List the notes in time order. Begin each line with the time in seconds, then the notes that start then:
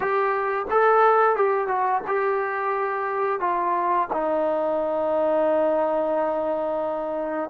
0.00 G4
0.70 A4
1.35 G4
1.67 F#4
2.07 G4
3.40 F4
4.12 D#4